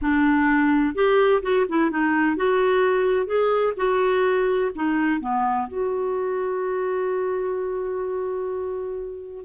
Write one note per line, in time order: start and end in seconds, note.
0.01 0.94 D4
0.94 1.42 G4
1.42 1.65 F#4
1.68 1.90 E4
1.90 2.36 D#4
2.36 3.26 F#4
3.26 3.73 G#4
3.76 4.71 F#4
4.75 5.20 D#4
5.20 5.67 B3
5.68 9.44 F#4